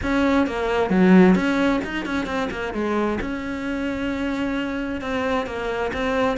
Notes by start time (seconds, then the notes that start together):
0.02 C#4
0.46 A#3
0.90 F#3
1.35 C#4
1.84 D#4
2.05 C#4
2.25 C4
2.50 A#3
2.73 G#3
3.20 C#4
5.01 C4
5.46 A#3
5.93 C4